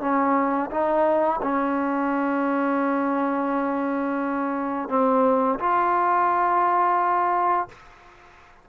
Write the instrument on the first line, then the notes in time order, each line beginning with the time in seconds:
trombone
0.00 C#4
0.70 D#4
1.42 C#4
4.89 C4
5.59 F4